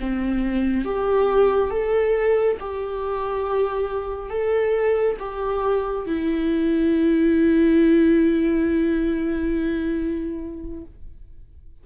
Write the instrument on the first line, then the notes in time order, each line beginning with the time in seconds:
viola
0.00 C4
0.85 G4
1.70 A4
2.60 G4
4.30 A4
5.19 G4
6.07 E4